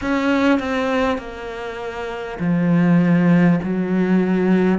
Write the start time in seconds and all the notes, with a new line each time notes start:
0.01 C#4
0.59 C4
1.17 A#3
2.39 F3
3.63 F#3